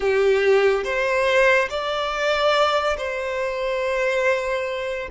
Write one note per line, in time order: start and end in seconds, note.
0.00 0.83 G4
0.84 1.68 C5
1.70 2.97 D5
2.97 5.08 C5